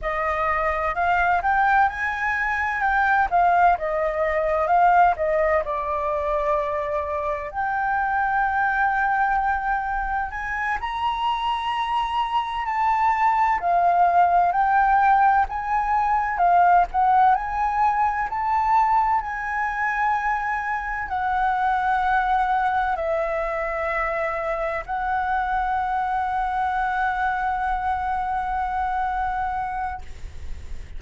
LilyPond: \new Staff \with { instrumentName = "flute" } { \time 4/4 \tempo 4 = 64 dis''4 f''8 g''8 gis''4 g''8 f''8 | dis''4 f''8 dis''8 d''2 | g''2. gis''8 ais''8~ | ais''4. a''4 f''4 g''8~ |
g''8 gis''4 f''8 fis''8 gis''4 a''8~ | a''8 gis''2 fis''4.~ | fis''8 e''2 fis''4.~ | fis''1 | }